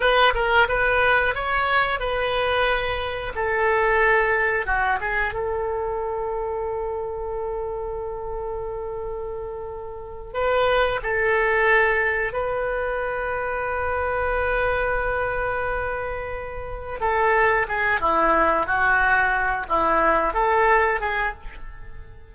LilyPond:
\new Staff \with { instrumentName = "oboe" } { \time 4/4 \tempo 4 = 90 b'8 ais'8 b'4 cis''4 b'4~ | b'4 a'2 fis'8 gis'8 | a'1~ | a'2.~ a'8 b'8~ |
b'8 a'2 b'4.~ | b'1~ | b'4. a'4 gis'8 e'4 | fis'4. e'4 a'4 gis'8 | }